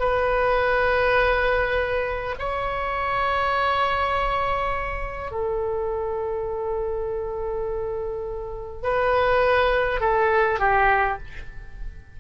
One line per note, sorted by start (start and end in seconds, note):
0.00 2.35 B4
2.39 5.31 C#5
5.31 8.83 A4
8.83 10.01 B4
10.01 10.59 A4
10.59 11.18 G4